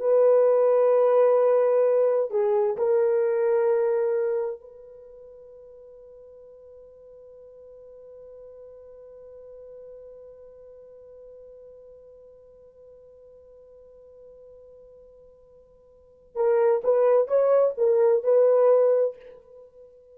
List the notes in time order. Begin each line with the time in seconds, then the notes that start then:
0.00 B4
2.31 G#4
2.77 A#4
4.61 B4
16.36 A#4
16.84 B4
17.28 C#5
17.77 A#4
18.23 B4